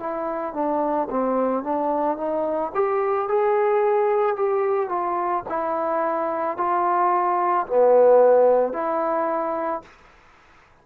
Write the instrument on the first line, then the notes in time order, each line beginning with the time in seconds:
trombone
0.00 E4
0.54 D4
1.11 C4
1.64 D4
2.18 D#4
2.75 G4
3.29 G#4
4.36 G4
4.89 F4
5.49 E4
6.58 F4
7.67 B3
8.73 E4